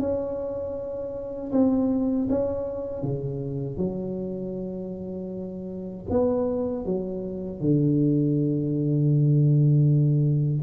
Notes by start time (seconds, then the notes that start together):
0.00 C#4
1.52 C4
2.30 C#4
3.03 C#3
3.78 F#3
6.10 B3
6.86 F#3
7.61 D3